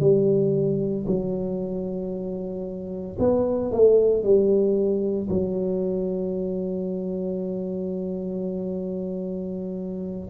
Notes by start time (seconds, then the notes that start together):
0.00 G3
1.06 F#3
3.19 B3
3.71 A3
4.23 G3
5.29 F#3